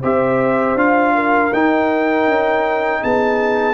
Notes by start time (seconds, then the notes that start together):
0.00 C4 G4 C5 E5
0.75 D4 F4 F5
1.15 A#4
1.53 D#4 G5
2.27 C#4
3.01 B3 G#4 A5